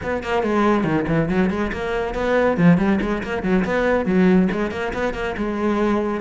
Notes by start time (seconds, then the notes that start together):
0.03 B3
0.23 A#3
0.42 G#3
0.84 D#3
1.07 E3
1.29 F#3
1.50 G#3
1.72 A#3
2.14 B3
2.57 F3
2.77 G3
3.01 G#3
3.23 A#3
3.42 F#3
3.64 B3
4.05 F#3
4.51 G#3
4.71 A#3
4.93 B3
5.14 A#3
5.37 G#3